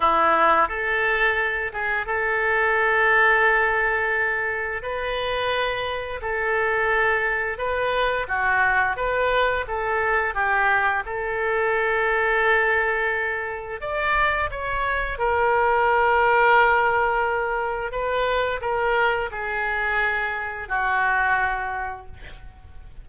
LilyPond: \new Staff \with { instrumentName = "oboe" } { \time 4/4 \tempo 4 = 87 e'4 a'4. gis'8 a'4~ | a'2. b'4~ | b'4 a'2 b'4 | fis'4 b'4 a'4 g'4 |
a'1 | d''4 cis''4 ais'2~ | ais'2 b'4 ais'4 | gis'2 fis'2 | }